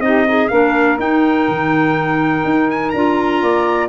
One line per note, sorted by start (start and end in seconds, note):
0.00 0.49 C4
0.00 0.26 D#4
0.00 0.25 G4
0.00 0.48 D#5
0.25 0.49 D#4
0.25 0.52 G#4
0.48 0.99 A#3
0.48 0.99 D4
0.48 3.42 A#4
0.48 0.97 F5
0.99 1.47 D#4
0.99 2.94 D#4
0.99 2.70 G5
1.48 2.44 D#3
2.44 2.93 D#4
2.70 2.90 G#5
2.90 3.42 D4
2.90 3.89 F4
2.90 3.87 A#5
3.42 3.89 A#3
3.42 3.89 D5